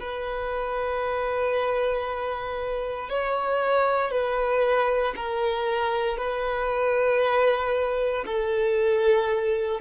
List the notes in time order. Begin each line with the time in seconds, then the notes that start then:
0.00 B4
3.09 C#5
4.11 B4
5.16 A#4
6.18 B4
8.26 A4